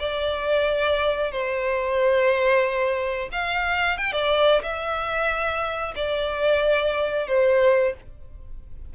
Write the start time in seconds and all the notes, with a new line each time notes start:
0.00 D5
1.32 C5
3.32 F5
3.98 G5
4.13 D5
4.63 E5
5.96 D5
7.28 C5